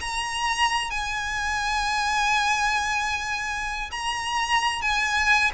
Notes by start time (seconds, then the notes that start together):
0.00 A#5
0.90 G#5
3.91 A#5
4.82 G#5